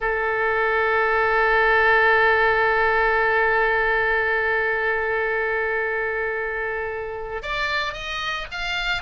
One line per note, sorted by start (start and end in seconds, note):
0.00 7.42 A4
7.42 7.93 D5
7.93 8.46 D#5
8.51 9.02 F5